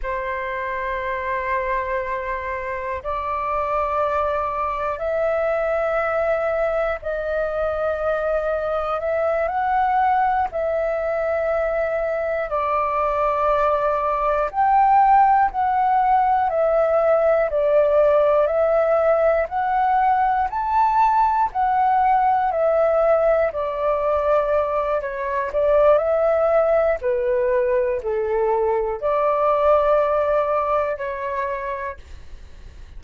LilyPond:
\new Staff \with { instrumentName = "flute" } { \time 4/4 \tempo 4 = 60 c''2. d''4~ | d''4 e''2 dis''4~ | dis''4 e''8 fis''4 e''4.~ | e''8 d''2 g''4 fis''8~ |
fis''8 e''4 d''4 e''4 fis''8~ | fis''8 a''4 fis''4 e''4 d''8~ | d''4 cis''8 d''8 e''4 b'4 | a'4 d''2 cis''4 | }